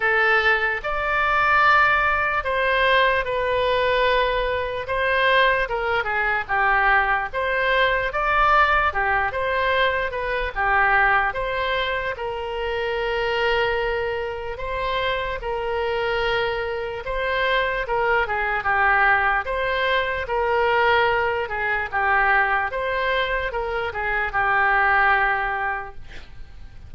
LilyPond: \new Staff \with { instrumentName = "oboe" } { \time 4/4 \tempo 4 = 74 a'4 d''2 c''4 | b'2 c''4 ais'8 gis'8 | g'4 c''4 d''4 g'8 c''8~ | c''8 b'8 g'4 c''4 ais'4~ |
ais'2 c''4 ais'4~ | ais'4 c''4 ais'8 gis'8 g'4 | c''4 ais'4. gis'8 g'4 | c''4 ais'8 gis'8 g'2 | }